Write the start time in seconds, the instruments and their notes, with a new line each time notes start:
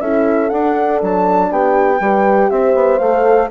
0.00 bassoon C#4, horn E4 A4, flute E5
0.49 horn D4, bassoon D4, flute F#5
1.02 bassoon F#3, flute A5
1.51 bassoon B3, horn G4, flute G5
2.00 bassoon G3, horn G4 B4
2.50 bassoon C4, horn C5, flute E5
2.75 bassoon B3
2.99 bassoon A3, horn A4, flute F5